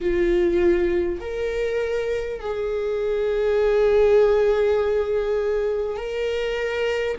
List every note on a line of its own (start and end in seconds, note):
0.01 1.20 F4
1.20 2.40 A#4
2.40 5.96 G#4
5.96 7.16 A#4